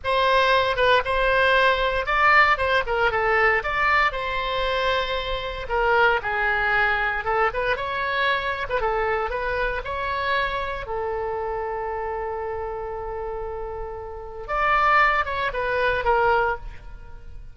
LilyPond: \new Staff \with { instrumentName = "oboe" } { \time 4/4 \tempo 4 = 116 c''4. b'8 c''2 | d''4 c''8 ais'8 a'4 d''4 | c''2. ais'4 | gis'2 a'8 b'8 cis''4~ |
cis''8. b'16 a'4 b'4 cis''4~ | cis''4 a'2.~ | a'1 | d''4. cis''8 b'4 ais'4 | }